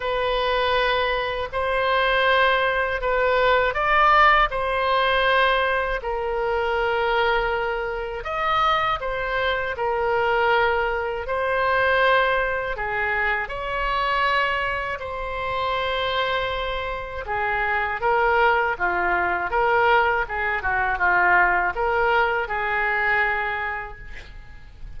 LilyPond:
\new Staff \with { instrumentName = "oboe" } { \time 4/4 \tempo 4 = 80 b'2 c''2 | b'4 d''4 c''2 | ais'2. dis''4 | c''4 ais'2 c''4~ |
c''4 gis'4 cis''2 | c''2. gis'4 | ais'4 f'4 ais'4 gis'8 fis'8 | f'4 ais'4 gis'2 | }